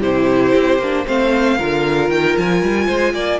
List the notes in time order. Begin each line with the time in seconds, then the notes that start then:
0.00 C3 E4 G4 C5
0.55 C4
0.78 A#3 D4
1.06 A3 C4 C5 F5
1.58 D3 F4 A#4
2.10 D#3 G5
2.38 F3 G#5
2.62 G3
2.87 G#3 C5
3.14 A#3 D5